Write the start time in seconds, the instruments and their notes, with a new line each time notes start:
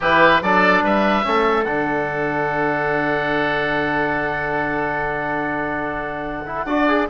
0.00 bassoon E3, trombone E4, oboe G4 B4
0.41 bassoon F#3, trombone D4, oboe A4 D5
0.82 bassoon G3, oboe B4 E5
1.23 bassoon A3, trombone C#4, oboe A4
1.65 bassoon D3, trombone D4, oboe F#5
6.45 trombone E4
6.65 bassoon D4, trombone F#4, oboe D5
6.88 trombone G#4